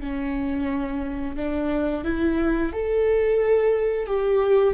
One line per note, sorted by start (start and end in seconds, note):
0.00 1.36 C#4
1.36 2.04 D4
2.04 2.72 E4
2.73 4.06 A4
4.06 4.74 G4